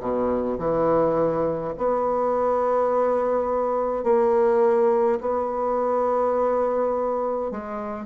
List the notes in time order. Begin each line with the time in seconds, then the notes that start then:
0.00 B2
0.59 E3
1.78 B3
4.04 A#3
5.20 B3
7.51 G#3